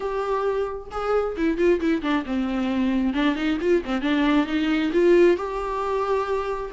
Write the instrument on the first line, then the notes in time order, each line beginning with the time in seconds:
viola
0.00 G4
0.91 G#4
1.37 E4
1.57 F4
1.80 E4
2.01 D4
2.25 C4
3.13 D4
3.35 D#4
3.60 F4
3.85 C4
4.01 D4
4.46 D#4
4.93 F4
5.36 G4